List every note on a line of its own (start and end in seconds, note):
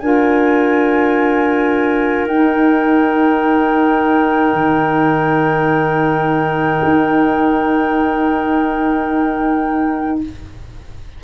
0.00 2.27 D4
0.00 2.29 F4
0.00 10.21 A#4
0.00 2.26 G#5
2.27 4.53 D#4
2.27 10.24 D#4
2.27 10.21 G5
4.53 6.80 D#3
6.84 10.23 D#4